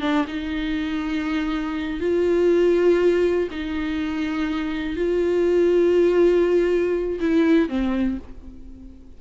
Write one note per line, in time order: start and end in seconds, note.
0.00 0.25 D4
0.27 2.00 D#4
2.00 3.48 F4
3.50 4.96 D#4
4.96 7.19 F4
7.20 7.68 E4
7.68 8.18 C4